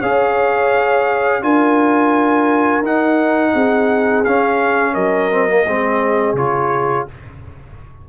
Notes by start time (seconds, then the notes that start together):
0.00 C#4 G#4 C#5 F5
1.42 D4 F4 A#4 G#5
2.82 D#4 F#5
3.53 C4 G#4
4.25 C#4 F5
4.94 F#3 A#4 D#5
5.31 C4
5.49 A#3
5.66 G#3 C4 G#4
6.33 C#3 F4 C#5